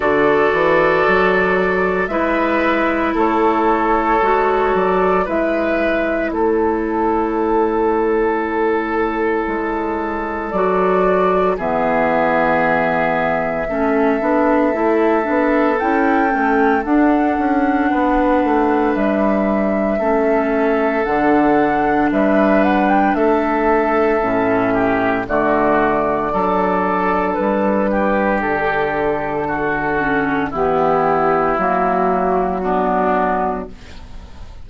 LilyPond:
<<
  \new Staff \with { instrumentName = "flute" } { \time 4/4 \tempo 4 = 57 d''2 e''4 cis''4~ | cis''8 d''8 e''4 cis''2~ | cis''2 d''4 e''4~ | e''2. g''4 |
fis''2 e''2 | fis''4 e''8 fis''16 g''16 e''2 | d''2 b'4 a'4~ | a'4 g'4 fis'2 | }
  \new Staff \with { instrumentName = "oboe" } { \time 4/4 a'2 b'4 a'4~ | a'4 b'4 a'2~ | a'2. gis'4~ | gis'4 a'2.~ |
a'4 b'2 a'4~ | a'4 b'4 a'4. g'8 | fis'4 a'4. g'4. | fis'4 e'2 d'4 | }
  \new Staff \with { instrumentName = "clarinet" } { \time 4/4 fis'2 e'2 | fis'4 e'2.~ | e'2 fis'4 b4~ | b4 cis'8 d'8 e'8 d'8 e'8 cis'8 |
d'2. cis'4 | d'2. cis'4 | a4 d'2.~ | d'8 cis'8 b4 ais4 b4 | }
  \new Staff \with { instrumentName = "bassoon" } { \time 4/4 d8 e8 fis4 gis4 a4 | gis8 fis8 gis4 a2~ | a4 gis4 fis4 e4~ | e4 a8 b8 a8 b8 cis'8 a8 |
d'8 cis'8 b8 a8 g4 a4 | d4 g4 a4 a,4 | d4 fis4 g4 d4~ | d4 e4 fis2 | }
>>